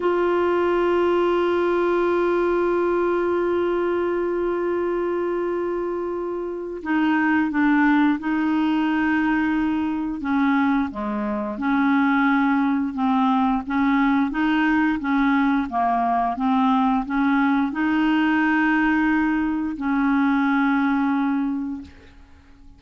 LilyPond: \new Staff \with { instrumentName = "clarinet" } { \time 4/4 \tempo 4 = 88 f'1~ | f'1~ | f'2 dis'4 d'4 | dis'2. cis'4 |
gis4 cis'2 c'4 | cis'4 dis'4 cis'4 ais4 | c'4 cis'4 dis'2~ | dis'4 cis'2. | }